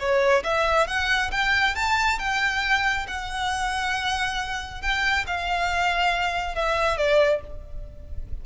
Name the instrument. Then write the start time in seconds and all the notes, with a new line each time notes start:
violin
0.00 C#5
0.44 E5
0.88 F#5
1.32 G5
1.76 A5
2.19 G5
3.08 F#5
4.82 G5
5.27 F5
6.56 E5
6.98 D5